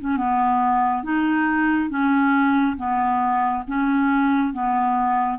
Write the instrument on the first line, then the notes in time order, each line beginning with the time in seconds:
clarinet
0.00 C#4
0.17 B3
1.03 D#4
1.89 C#4
2.77 B3
3.67 C#4
4.53 B3